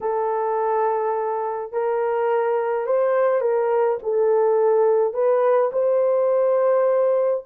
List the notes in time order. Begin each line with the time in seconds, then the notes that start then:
0.01 A4
1.72 A#4
2.86 C5
3.41 A#4
4.02 A4
5.13 B4
5.72 C5